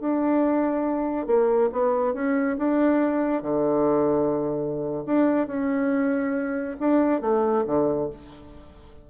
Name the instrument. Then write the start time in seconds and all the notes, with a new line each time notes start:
bassoon
0.00 D4
1.27 A#3
1.73 B3
2.14 C#4
2.58 D4
3.43 D3
5.06 D4
5.47 C#4
6.80 D4
7.21 A3
7.67 D3